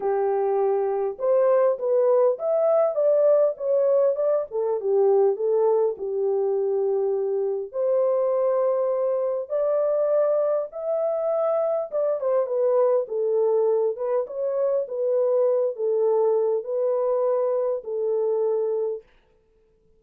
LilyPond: \new Staff \with { instrumentName = "horn" } { \time 4/4 \tempo 4 = 101 g'2 c''4 b'4 | e''4 d''4 cis''4 d''8 a'8 | g'4 a'4 g'2~ | g'4 c''2. |
d''2 e''2 | d''8 c''8 b'4 a'4. b'8 | cis''4 b'4. a'4. | b'2 a'2 | }